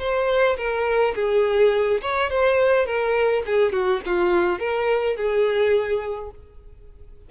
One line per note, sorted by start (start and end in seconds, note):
0.00 0.57 C5
0.58 1.15 A#4
1.16 2.02 G#4
2.02 2.30 C#5
2.31 2.86 C5
2.86 3.43 A#4
3.46 3.73 G#4
3.73 4.01 F#4
4.06 4.60 F4
4.60 5.17 A#4
5.17 6.31 G#4